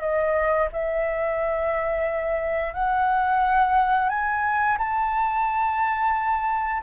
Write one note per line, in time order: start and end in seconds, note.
0.00 0.68 D#5
0.72 2.73 E5
2.73 4.09 F#5
4.09 4.77 G#5
4.78 6.82 A5